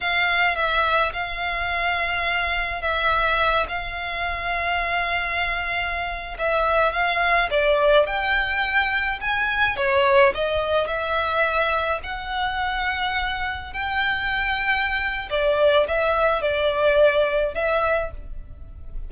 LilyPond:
\new Staff \with { instrumentName = "violin" } { \time 4/4 \tempo 4 = 106 f''4 e''4 f''2~ | f''4 e''4. f''4.~ | f''2.~ f''16 e''8.~ | e''16 f''4 d''4 g''4.~ g''16~ |
g''16 gis''4 cis''4 dis''4 e''8.~ | e''4~ e''16 fis''2~ fis''8.~ | fis''16 g''2~ g''8. d''4 | e''4 d''2 e''4 | }